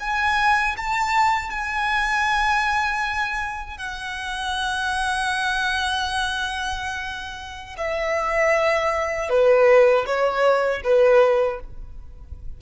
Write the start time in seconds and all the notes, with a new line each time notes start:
0.00 G#5
0.77 A5
1.50 G#5
3.78 F#5
7.77 E5
9.30 B4
10.06 C#5
10.84 B4